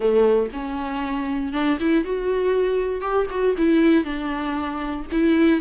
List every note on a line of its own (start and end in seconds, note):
0.00 0.49 A3
0.52 1.52 C#4
1.52 1.78 D4
1.80 2.04 E4
2.04 3.01 F#4
3.01 3.26 G4
3.30 3.55 F#4
3.57 4.04 E4
4.04 5.06 D4
5.11 5.60 E4